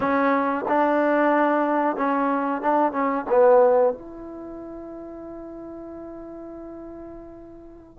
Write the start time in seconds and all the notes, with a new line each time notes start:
0.00 C#4
0.68 D4
1.96 C#4
2.61 D4
2.92 C#4
3.29 B3
3.93 E4